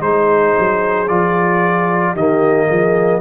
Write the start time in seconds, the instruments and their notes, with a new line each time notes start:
0.00 tuba G#3, trombone D#4, horn G#4, trumpet C5
0.59 tuba F#3
1.08 tuba F3, trombone F4, trumpet D5
2.13 tuba D#3, trombone A#3, horn G4, trumpet D#5
2.67 tuba F3, horn G#4